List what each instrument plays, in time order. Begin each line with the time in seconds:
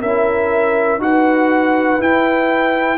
0.00 tuba C#4, trombone E4, horn A#4, trumpet E5
0.98 tuba D#4, trombone F#4, trumpet F#5
1.04 horn B4
1.99 trombone E4, tuba E4, trumpet G5